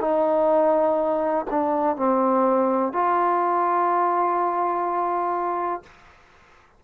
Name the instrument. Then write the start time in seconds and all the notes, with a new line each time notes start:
trombone
0.00 D#4
1.50 D4
1.96 C4
2.93 F4